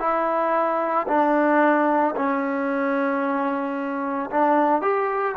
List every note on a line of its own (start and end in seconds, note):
0.00 1.07 E4
1.08 2.15 D4
2.16 4.31 C#4
4.31 4.82 D4
4.82 5.36 G4